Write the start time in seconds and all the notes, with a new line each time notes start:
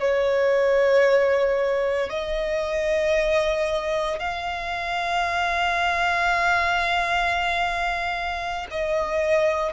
0.00 C#5
2.10 D#5
4.20 F5
8.71 D#5